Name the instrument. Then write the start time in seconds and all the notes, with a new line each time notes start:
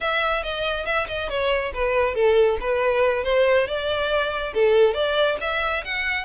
violin
0.00 E5
0.43 D#5
0.85 E5
1.07 D#5
1.29 C#5
1.73 B4
2.14 A4
2.60 B4
3.24 C5
3.67 D5
4.54 A4
4.94 D5
5.40 E5
5.84 F#5